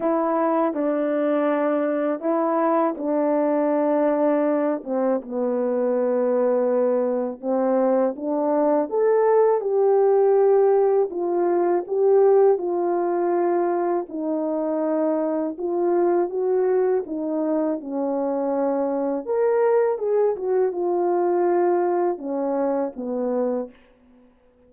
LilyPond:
\new Staff \with { instrumentName = "horn" } { \time 4/4 \tempo 4 = 81 e'4 d'2 e'4 | d'2~ d'8 c'8 b4~ | b2 c'4 d'4 | a'4 g'2 f'4 |
g'4 f'2 dis'4~ | dis'4 f'4 fis'4 dis'4 | cis'2 ais'4 gis'8 fis'8 | f'2 cis'4 b4 | }